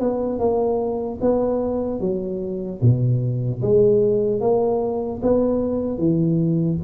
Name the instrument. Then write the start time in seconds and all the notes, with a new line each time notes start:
tuba
0.00 B3
0.40 A#3
1.21 B3
2.00 F#3
2.82 B2
3.62 G#3
4.41 A#3
5.23 B3
5.99 E3